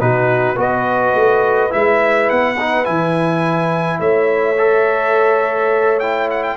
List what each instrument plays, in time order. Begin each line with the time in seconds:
0.00 tuba B2, trombone D#4, horn F#4, trumpet B4
0.55 tuba B3, trombone F#4, horn B4, trumpet D#5
1.13 tuba A3
1.70 tuba G#3, trombone E4, trumpet E5
2.29 tuba B3, trumpet F#5
2.59 trombone D#4
2.84 tuba E3, trombone E4, trumpet G#5
3.99 tuba A3, horn C#5, trumpet E5
4.58 trombone A4
5.99 trombone E4, trumpet G5
6.30 trumpet F#5
6.43 trumpet G5